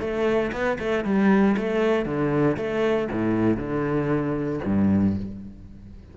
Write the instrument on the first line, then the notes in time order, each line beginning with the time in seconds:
cello
0.00 A3
0.52 B3
0.79 A3
1.04 G3
1.57 A3
2.05 D3
2.57 A3
3.11 A2
3.57 D3
4.65 G2